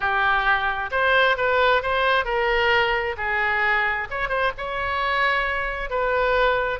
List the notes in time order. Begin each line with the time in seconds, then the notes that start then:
0.00 G4
0.91 C5
1.36 B4
1.82 C5
2.25 A#4
3.17 G#4
4.10 C#5
4.28 C5
4.57 C#5
5.89 B4